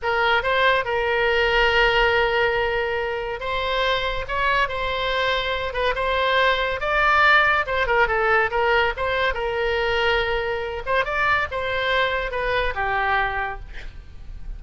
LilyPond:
\new Staff \with { instrumentName = "oboe" } { \time 4/4 \tempo 4 = 141 ais'4 c''4 ais'2~ | ais'1 | c''2 cis''4 c''4~ | c''4. b'8 c''2 |
d''2 c''8 ais'8 a'4 | ais'4 c''4 ais'2~ | ais'4. c''8 d''4 c''4~ | c''4 b'4 g'2 | }